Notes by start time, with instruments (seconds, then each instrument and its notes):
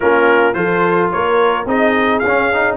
0.00 tuba A#3, trombone C#4, horn F4, trumpet A#4
0.54 tuba F3, trombone F4, horn A4, trumpet C5
1.11 tuba A#3, horn A#4, trumpet C#5
1.65 tuba C4, trombone D#4, horn G#4, trumpet D#5
2.19 tuba C#4, trumpet F5
2.27 trombone C#4
2.53 trombone D#4